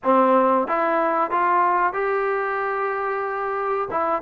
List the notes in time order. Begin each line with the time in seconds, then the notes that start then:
0.03 C4
0.67 E4
1.30 F4
1.93 G4
3.90 E4